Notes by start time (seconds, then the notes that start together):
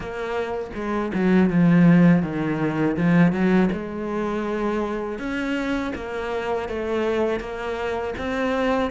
0.00 A#3
0.74 G#3
1.13 F#3
1.49 F3
2.22 D#3
2.96 F3
3.32 F#3
3.72 G#3
5.19 C#4
5.95 A#3
6.68 A3
7.40 A#3
8.18 C4